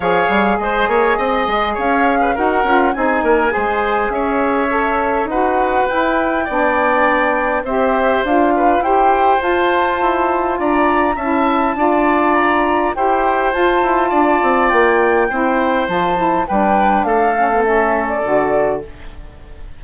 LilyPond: <<
  \new Staff \with { instrumentName = "flute" } { \time 4/4 \tempo 4 = 102 f''4 dis''2 f''4 | fis''4 gis''2 e''4~ | e''4 fis''4 g''2~ | g''4 e''4 f''4 g''4 |
a''2 ais''4 a''4~ | a''4 ais''4 g''4 a''4~ | a''4 g''2 a''4 | g''4 f''4 e''8. d''4~ d''16 | }
  \new Staff \with { instrumentName = "oboe" } { \time 4/4 cis''4 c''8 cis''8 dis''4 cis''8. b'16 | ais'4 gis'8 ais'8 c''4 cis''4~ | cis''4 b'2 d''4~ | d''4 c''4. b'8 c''4~ |
c''2 d''4 e''4 | d''2 c''2 | d''2 c''2 | b'4 a'2. | }
  \new Staff \with { instrumentName = "saxophone" } { \time 4/4 gis'1 | fis'8 f'8 dis'4 gis'2 | a'4 fis'4 e'4 d'4~ | d'4 g'4 f'4 g'4 |
f'2. e'4 | f'2 g'4 f'4~ | f'2 e'4 f'8 e'8 | d'4. cis'16 b16 cis'4 fis'4 | }
  \new Staff \with { instrumentName = "bassoon" } { \time 4/4 f8 g8 gis8 ais8 c'8 gis8 cis'4 | dis'8 cis'8 c'8 ais8 gis4 cis'4~ | cis'4 dis'4 e'4 b4~ | b4 c'4 d'4 e'4 |
f'4 e'4 d'4 cis'4 | d'2 e'4 f'8 e'8 | d'8 c'8 ais4 c'4 f4 | g4 a2 d4 | }
>>